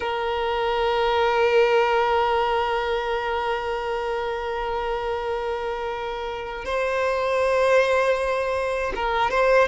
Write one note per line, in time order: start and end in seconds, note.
0.00 6.65 A#4
6.65 8.92 C5
8.95 9.30 A#4
9.30 9.68 C5